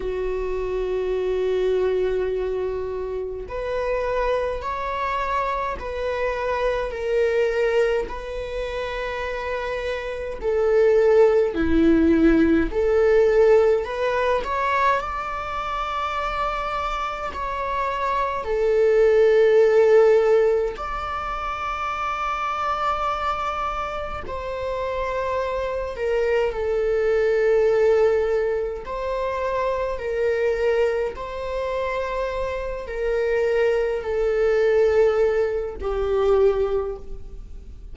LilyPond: \new Staff \with { instrumentName = "viola" } { \time 4/4 \tempo 4 = 52 fis'2. b'4 | cis''4 b'4 ais'4 b'4~ | b'4 a'4 e'4 a'4 | b'8 cis''8 d''2 cis''4 |
a'2 d''2~ | d''4 c''4. ais'8 a'4~ | a'4 c''4 ais'4 c''4~ | c''8 ais'4 a'4. g'4 | }